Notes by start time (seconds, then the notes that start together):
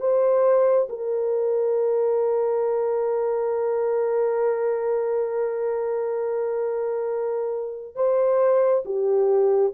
0.00 C5
0.89 A#4
7.95 C5
8.85 G4